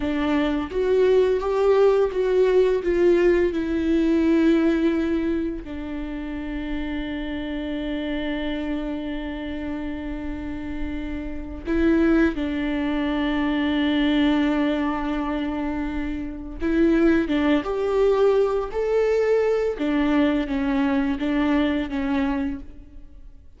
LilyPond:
\new Staff \with { instrumentName = "viola" } { \time 4/4 \tempo 4 = 85 d'4 fis'4 g'4 fis'4 | f'4 e'2. | d'1~ | d'1~ |
d'8 e'4 d'2~ d'8~ | d'2.~ d'8 e'8~ | e'8 d'8 g'4. a'4. | d'4 cis'4 d'4 cis'4 | }